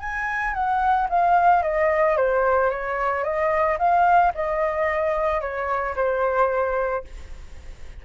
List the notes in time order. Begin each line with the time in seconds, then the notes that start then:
0.00 G#5
0.54 F#5
1.10 F5
1.63 D#5
2.17 C5
2.71 C#5
3.24 D#5
3.79 F5
4.35 D#5
5.41 C#5
5.96 C5